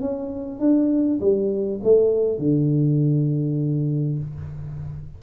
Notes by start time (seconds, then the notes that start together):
0.00 C#4
0.59 D4
1.20 G3
1.83 A3
2.38 D3